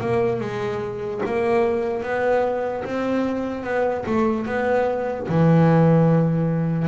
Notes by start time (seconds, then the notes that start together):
0.00 A#3
0.40 G#3
1.25 A#3
2.03 B3
2.84 C4
3.63 B3
4.06 A3
4.46 B3
5.28 E3